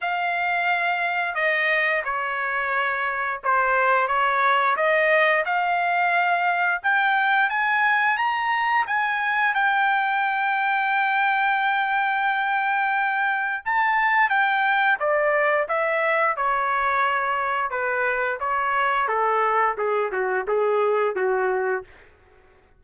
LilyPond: \new Staff \with { instrumentName = "trumpet" } { \time 4/4 \tempo 4 = 88 f''2 dis''4 cis''4~ | cis''4 c''4 cis''4 dis''4 | f''2 g''4 gis''4 | ais''4 gis''4 g''2~ |
g''1 | a''4 g''4 d''4 e''4 | cis''2 b'4 cis''4 | a'4 gis'8 fis'8 gis'4 fis'4 | }